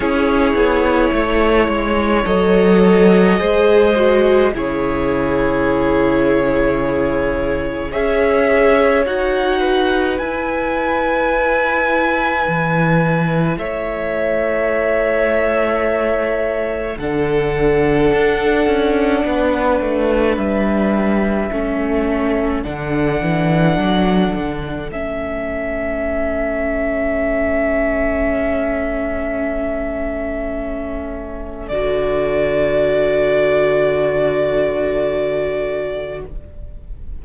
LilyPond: <<
  \new Staff \with { instrumentName = "violin" } { \time 4/4 \tempo 4 = 53 cis''2 dis''2 | cis''2. e''4 | fis''4 gis''2. | e''2. fis''4~ |
fis''2 e''2 | fis''2 e''2~ | e''1 | d''1 | }
  \new Staff \with { instrumentName = "violin" } { \time 4/4 gis'4 cis''2 c''4 | gis'2. cis''4~ | cis''8 b'2.~ b'8 | cis''2. a'4~ |
a'4 b'2 a'4~ | a'1~ | a'1~ | a'1 | }
  \new Staff \with { instrumentName = "viola" } { \time 4/4 e'2 a'4 gis'8 fis'8 | e'2. gis'4 | fis'4 e'2.~ | e'2. d'4~ |
d'2. cis'4 | d'2 cis'2~ | cis'1 | fis'1 | }
  \new Staff \with { instrumentName = "cello" } { \time 4/4 cis'8 b8 a8 gis8 fis4 gis4 | cis2. cis'4 | dis'4 e'2 e4 | a2. d4 |
d'8 cis'8 b8 a8 g4 a4 | d8 e8 fis8 d8 a2~ | a1 | d1 | }
>>